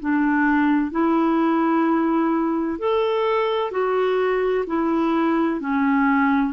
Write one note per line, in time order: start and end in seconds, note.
0.00 0.91 D4
0.91 2.79 E4
2.79 3.71 A4
3.71 4.64 F#4
4.67 5.60 E4
5.60 6.53 C#4